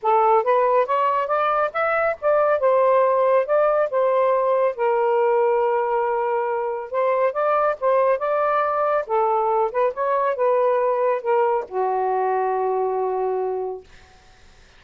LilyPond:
\new Staff \with { instrumentName = "saxophone" } { \time 4/4 \tempo 4 = 139 a'4 b'4 cis''4 d''4 | e''4 d''4 c''2 | d''4 c''2 ais'4~ | ais'1 |
c''4 d''4 c''4 d''4~ | d''4 a'4. b'8 cis''4 | b'2 ais'4 fis'4~ | fis'1 | }